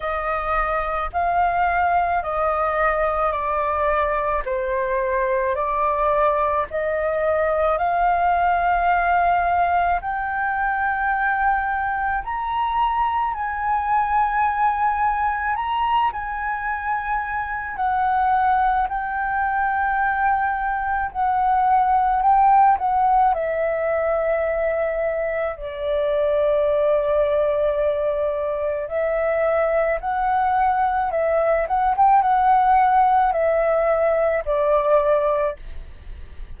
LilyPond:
\new Staff \with { instrumentName = "flute" } { \time 4/4 \tempo 4 = 54 dis''4 f''4 dis''4 d''4 | c''4 d''4 dis''4 f''4~ | f''4 g''2 ais''4 | gis''2 ais''8 gis''4. |
fis''4 g''2 fis''4 | g''8 fis''8 e''2 d''4~ | d''2 e''4 fis''4 | e''8 fis''16 g''16 fis''4 e''4 d''4 | }